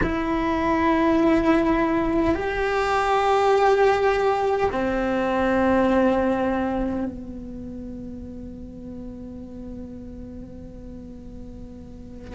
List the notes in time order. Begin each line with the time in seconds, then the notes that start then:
0.02 E4
2.35 G4
4.71 C4
7.05 B3